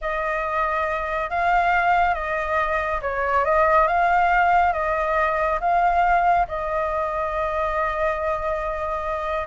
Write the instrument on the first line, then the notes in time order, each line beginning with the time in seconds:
flute
0.01 D#5
1.30 F5
2.14 D#5
3.01 C#5
3.44 D#5
3.87 F5
4.73 D#5
5.60 F5
6.47 D#5